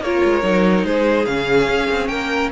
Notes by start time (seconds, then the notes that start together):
0.00 A#3 F4 A#4 C#5
0.24 G#3
0.41 F#3 D#4
0.84 G#3 G#4 C5
1.26 C#3 C#4 F5
1.68 C#4
1.91 C4
2.07 A#3 A#4 G5